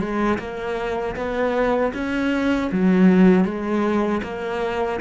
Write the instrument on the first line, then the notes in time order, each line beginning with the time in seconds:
cello
0.00 G#3
0.39 A#3
1.16 B3
1.94 C#4
2.72 F#3
3.45 G#3
4.23 A#3